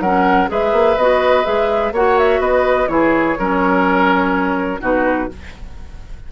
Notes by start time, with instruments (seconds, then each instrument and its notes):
0.00 bassoon F#3, clarinet C#4, oboe A#4, flute F#5
0.48 bassoon G#3, clarinet G#4, oboe B4, flute E5
0.72 bassoon A#3
0.97 bassoon B3, clarinet F#4, flute D#5
1.44 bassoon G#3, clarinet G#4, flute E5
1.92 bassoon A#3, clarinet F#4, oboe C#5, flute F#5
2.18 flute E5
2.39 bassoon B3, oboe B4, flute D#5
2.88 bassoon E3, clarinet E4, oboe G#4, flute C#5
3.39 bassoon F#3, clarinet C#4, oboe A#4
4.80 bassoon B2, clarinet D#4, oboe F#4, flute B4